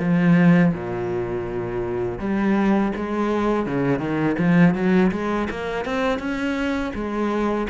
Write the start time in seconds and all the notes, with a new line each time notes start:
0.00 F3
0.74 A#2
2.20 G3
2.96 G#3
3.67 C#3
3.99 D#3
4.39 F3
4.75 F#3
5.12 G#3
5.51 A#3
5.85 C4
6.19 C#4
6.95 G#3